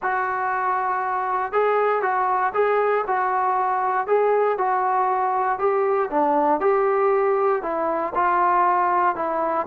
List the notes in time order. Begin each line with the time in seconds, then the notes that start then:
0.02 F#4
1.52 G#4
2.02 F#4
2.54 G#4
3.07 F#4
4.07 G#4
4.57 F#4
5.58 G4
6.10 D4
6.60 G4
7.62 E4
8.14 F4
9.15 E4